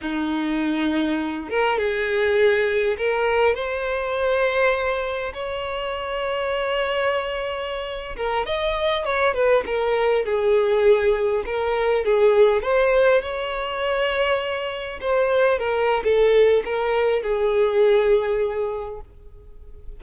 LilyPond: \new Staff \with { instrumentName = "violin" } { \time 4/4 \tempo 4 = 101 dis'2~ dis'8 ais'8 gis'4~ | gis'4 ais'4 c''2~ | c''4 cis''2.~ | cis''4.~ cis''16 ais'8 dis''4 cis''8 b'16~ |
b'16 ais'4 gis'2 ais'8.~ | ais'16 gis'4 c''4 cis''4.~ cis''16~ | cis''4~ cis''16 c''4 ais'8. a'4 | ais'4 gis'2. | }